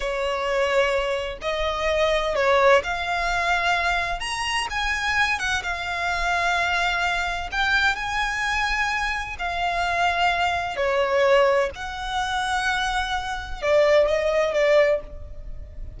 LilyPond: \new Staff \with { instrumentName = "violin" } { \time 4/4 \tempo 4 = 128 cis''2. dis''4~ | dis''4 cis''4 f''2~ | f''4 ais''4 gis''4. fis''8 | f''1 |
g''4 gis''2. | f''2. cis''4~ | cis''4 fis''2.~ | fis''4 d''4 dis''4 d''4 | }